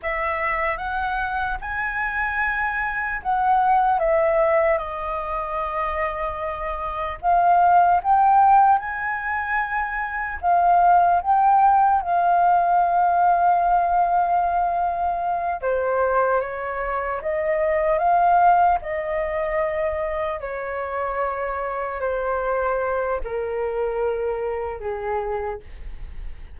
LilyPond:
\new Staff \with { instrumentName = "flute" } { \time 4/4 \tempo 4 = 75 e''4 fis''4 gis''2 | fis''4 e''4 dis''2~ | dis''4 f''4 g''4 gis''4~ | gis''4 f''4 g''4 f''4~ |
f''2.~ f''8 c''8~ | c''8 cis''4 dis''4 f''4 dis''8~ | dis''4. cis''2 c''8~ | c''4 ais'2 gis'4 | }